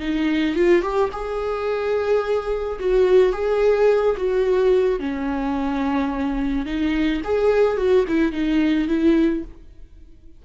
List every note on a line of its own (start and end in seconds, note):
0.00 0.55 D#4
0.55 0.82 F4
0.82 1.09 G4
1.12 2.79 G#4
2.79 3.32 F#4
3.32 4.16 G#4
4.17 4.99 F#4
4.99 6.66 C#4
6.66 7.21 D#4
7.24 7.77 G#4
7.77 8.05 F#4
8.08 8.32 E4
8.32 8.87 D#4
8.88 9.43 E4